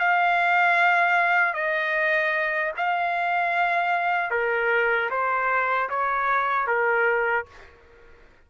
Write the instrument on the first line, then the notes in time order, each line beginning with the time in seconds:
trumpet
0.00 F5
1.54 D#5
2.77 F5
4.31 A#4
5.11 C5
5.90 C#5
6.67 A#4